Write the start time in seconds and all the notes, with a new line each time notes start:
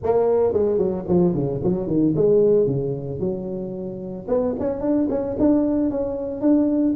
0.03 A#3
0.53 G#3
0.77 F#3
1.08 F3
1.34 C#3
1.63 F#3
1.87 D#3
2.16 G#3
2.66 C#3
3.19 F#3
4.28 B3
4.59 C#4
4.81 D4
5.09 C#4
5.39 D4
5.90 C#4
6.41 D4